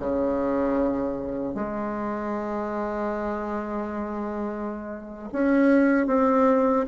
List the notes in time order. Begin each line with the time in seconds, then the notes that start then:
0.00 C#3
1.55 G#3
5.33 C#4
6.07 C4